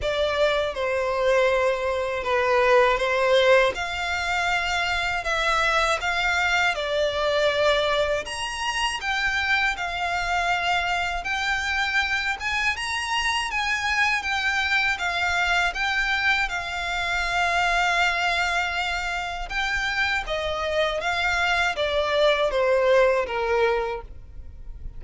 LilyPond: \new Staff \with { instrumentName = "violin" } { \time 4/4 \tempo 4 = 80 d''4 c''2 b'4 | c''4 f''2 e''4 | f''4 d''2 ais''4 | g''4 f''2 g''4~ |
g''8 gis''8 ais''4 gis''4 g''4 | f''4 g''4 f''2~ | f''2 g''4 dis''4 | f''4 d''4 c''4 ais'4 | }